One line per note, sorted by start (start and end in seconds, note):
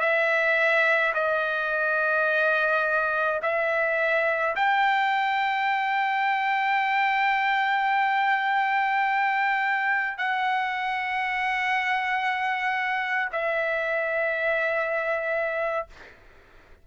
0.00 1.13 E5
1.15 3.41 D#5
3.43 4.56 E5
4.56 10.18 G5
10.18 13.29 F#5
13.33 15.87 E5